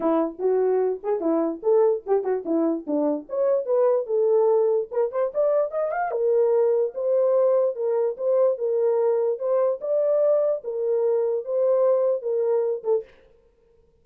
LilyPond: \new Staff \with { instrumentName = "horn" } { \time 4/4 \tempo 4 = 147 e'4 fis'4. gis'8 e'4 | a'4 g'8 fis'8 e'4 d'4 | cis''4 b'4 a'2 | ais'8 c''8 d''4 dis''8 f''8 ais'4~ |
ais'4 c''2 ais'4 | c''4 ais'2 c''4 | d''2 ais'2 | c''2 ais'4. a'8 | }